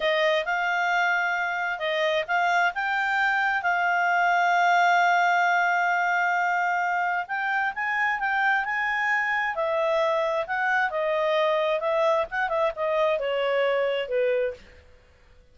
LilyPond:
\new Staff \with { instrumentName = "clarinet" } { \time 4/4 \tempo 4 = 132 dis''4 f''2. | dis''4 f''4 g''2 | f''1~ | f''1 |
g''4 gis''4 g''4 gis''4~ | gis''4 e''2 fis''4 | dis''2 e''4 fis''8 e''8 | dis''4 cis''2 b'4 | }